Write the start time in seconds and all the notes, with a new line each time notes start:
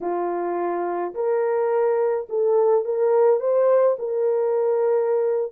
0.01 F4
1.14 A#4
2.29 A4
2.85 A#4
3.40 C5
3.98 A#4